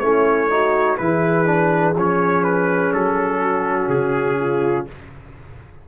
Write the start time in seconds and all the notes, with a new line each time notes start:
0.00 A3 C#4 E4 C#5
0.50 D#4 F#4
0.98 E3 E4 G#4 B4
1.46 D4
1.96 F3 C#4 C#5
2.44 B4
2.94 F#3 A4
3.42 F#4
3.89 C#3 G#4
4.40 F4